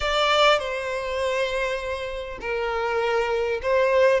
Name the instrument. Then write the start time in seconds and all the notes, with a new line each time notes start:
violin
0.00 D5
0.58 C5
2.40 A#4
3.62 C5